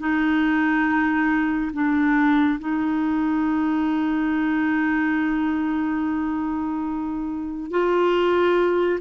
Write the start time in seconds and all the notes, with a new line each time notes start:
0.00 D#4
1.74 D4
2.60 D#4
7.71 F4